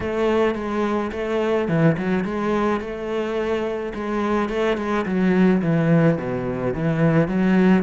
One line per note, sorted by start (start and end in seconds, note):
0.00 0.54 A3
0.55 1.11 G#3
1.12 1.68 A3
1.68 1.96 E3
1.97 2.24 F#3
2.24 2.80 G#3
2.80 3.92 A3
3.94 4.49 G#3
4.49 4.77 A3
4.77 5.05 G#3
5.05 5.61 F#3
5.62 6.17 E3
6.17 6.73 B2
6.73 7.28 E3
7.28 7.83 F#3